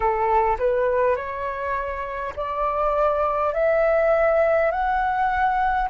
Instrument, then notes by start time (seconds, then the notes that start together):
flute
0.00 A4
0.59 B4
1.16 C#5
2.35 D5
3.53 E5
4.71 F#5